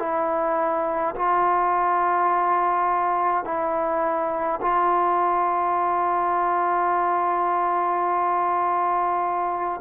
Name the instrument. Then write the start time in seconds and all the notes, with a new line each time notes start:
trombone
0.00 E4
1.16 F4
3.45 E4
4.62 F4